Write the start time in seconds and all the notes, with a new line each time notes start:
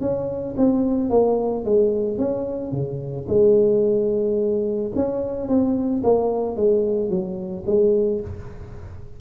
0.00 C#4
0.57 C4
1.10 A#3
1.64 G#3
2.18 C#4
2.71 C#3
3.28 G#3
4.95 C#4
5.48 C4
6.03 A#3
6.56 G#3
7.09 F#3
7.66 G#3